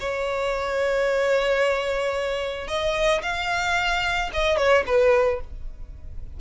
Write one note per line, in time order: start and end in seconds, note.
0.00 2.68 C#5
2.68 3.22 D#5
3.23 4.31 F5
4.33 4.57 D#5
4.57 4.84 C#5
4.86 5.41 B4